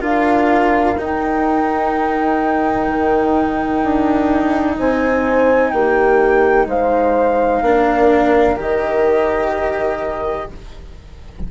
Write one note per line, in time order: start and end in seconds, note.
0.00 0.96 D4
0.00 0.95 F4
0.00 4.76 A#4
0.00 0.99 F5
0.98 7.64 D#4
0.98 2.87 D#4
0.98 4.78 G5
2.87 3.82 D#3
3.83 4.78 D4
4.78 5.72 C4
4.78 5.73 C5
4.78 5.71 G#5
5.71 6.66 A#3
5.71 6.68 G4
5.71 6.66 G5
6.66 7.61 G#3
6.66 7.63 C5
6.66 8.60 F5
7.62 8.57 A#3
7.62 8.56 D4
7.62 10.51 A#4
8.56 10.48 D#3
8.56 10.47 G4
8.56 10.51 D#5